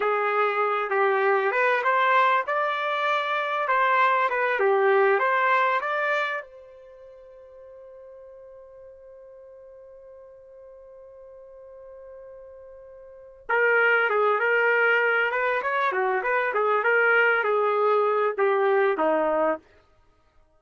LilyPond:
\new Staff \with { instrumentName = "trumpet" } { \time 4/4 \tempo 4 = 98 gis'4. g'4 b'8 c''4 | d''2 c''4 b'8 g'8~ | g'8 c''4 d''4 c''4.~ | c''1~ |
c''1~ | c''2 ais'4 gis'8 ais'8~ | ais'4 b'8 cis''8 fis'8 b'8 gis'8 ais'8~ | ais'8 gis'4. g'4 dis'4 | }